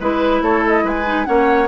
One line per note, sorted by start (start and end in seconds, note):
0.00 0.42 G#3
0.00 1.05 E4
0.00 0.43 B4
0.42 0.84 A3
0.42 0.85 A4
0.42 0.64 C#5
0.68 0.88 D#5
0.84 1.26 G#3
0.84 1.27 B4
0.84 1.25 G#5
1.05 1.26 D#4
1.25 1.69 A#3
1.25 1.68 C#4
1.25 1.69 C#5
1.25 1.68 F#5